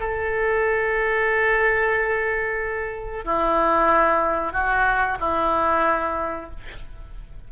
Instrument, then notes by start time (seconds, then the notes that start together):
oboe
0.00 A4
3.25 E4
4.53 F#4
5.20 E4